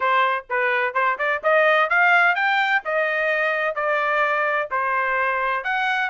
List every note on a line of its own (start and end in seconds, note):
0.00 0.45 C5
0.49 0.94 B4
0.94 1.17 C5
1.18 1.41 D5
1.43 1.89 D#5
1.89 2.35 F5
2.35 2.81 G5
2.84 3.75 D#5
3.75 4.69 D5
4.70 5.64 C5
5.64 6.09 F#5